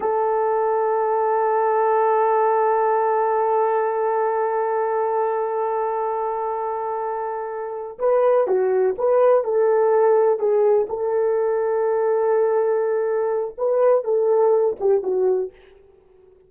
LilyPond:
\new Staff \with { instrumentName = "horn" } { \time 4/4 \tempo 4 = 124 a'1~ | a'1~ | a'1~ | a'1~ |
a'8 b'4 fis'4 b'4 a'8~ | a'4. gis'4 a'4.~ | a'1 | b'4 a'4. g'8 fis'4 | }